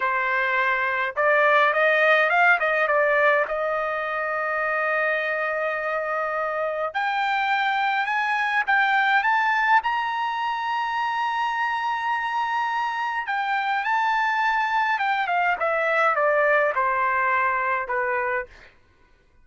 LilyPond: \new Staff \with { instrumentName = "trumpet" } { \time 4/4 \tempo 4 = 104 c''2 d''4 dis''4 | f''8 dis''8 d''4 dis''2~ | dis''1 | g''2 gis''4 g''4 |
a''4 ais''2.~ | ais''2. g''4 | a''2 g''8 f''8 e''4 | d''4 c''2 b'4 | }